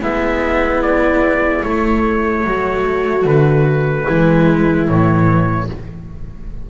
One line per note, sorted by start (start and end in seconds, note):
0.00 1.64 G#3
0.00 1.63 B3
0.00 2.43 E4
0.00 0.82 E5
0.82 1.63 D5
1.63 2.44 A3
1.63 4.08 A3
1.63 3.25 C#5
2.44 3.24 F#3
2.44 4.05 F#4
3.24 4.05 D3
3.24 4.88 B4
4.05 4.88 E3
4.05 4.88 G#3
4.05 5.67 E4
4.88 5.69 A2
4.88 5.69 E3
4.88 5.69 C#5